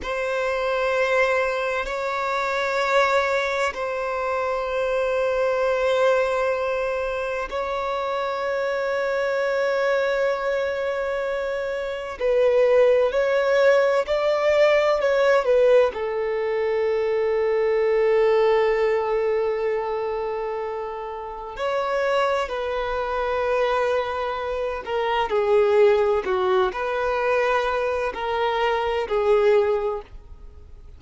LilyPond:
\new Staff \with { instrumentName = "violin" } { \time 4/4 \tempo 4 = 64 c''2 cis''2 | c''1 | cis''1~ | cis''4 b'4 cis''4 d''4 |
cis''8 b'8 a'2.~ | a'2. cis''4 | b'2~ b'8 ais'8 gis'4 | fis'8 b'4. ais'4 gis'4 | }